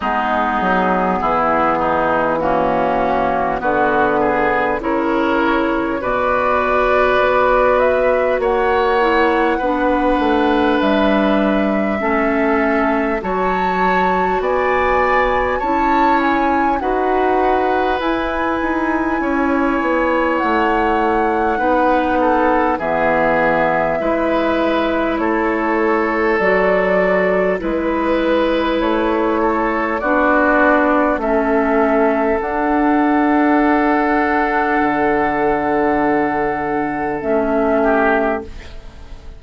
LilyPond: <<
  \new Staff \with { instrumentName = "flute" } { \time 4/4 \tempo 4 = 50 gis'2 fis'4 b'4 | cis''4 d''4. e''8 fis''4~ | fis''4 e''2 a''4 | gis''4 a''8 gis''8 fis''4 gis''4~ |
gis''4 fis''2 e''4~ | e''4 cis''4 d''4 b'4 | cis''4 d''4 e''4 fis''4~ | fis''2. e''4 | }
  \new Staff \with { instrumentName = "oboe" } { \time 4/4 dis'4 e'8 dis'8 cis'4 fis'8 gis'8 | ais'4 b'2 cis''4 | b'2 a'4 cis''4 | d''4 cis''4 b'2 |
cis''2 b'8 a'8 gis'4 | b'4 a'2 b'4~ | b'8 a'8 fis'4 a'2~ | a'2.~ a'8 g'8 | }
  \new Staff \with { instrumentName = "clarinet" } { \time 4/4 b2 ais4 b4 | e'4 fis'2~ fis'8 e'8 | d'2 cis'4 fis'4~ | fis'4 e'4 fis'4 e'4~ |
e'2 dis'4 b4 | e'2 fis'4 e'4~ | e'4 d'4 cis'4 d'4~ | d'2. cis'4 | }
  \new Staff \with { instrumentName = "bassoon" } { \time 4/4 gis8 fis8 e2 d4 | cis4 b,4 b4 ais4 | b8 a8 g4 a4 fis4 | b4 cis'4 dis'4 e'8 dis'8 |
cis'8 b8 a4 b4 e4 | gis4 a4 fis4 gis4 | a4 b4 a4 d'4~ | d'4 d2 a4 | }
>>